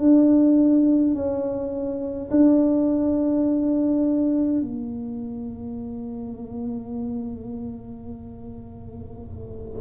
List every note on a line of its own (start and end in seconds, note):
0.00 1.15 D4
1.15 2.30 C#4
2.31 4.62 D4
4.62 9.81 A#3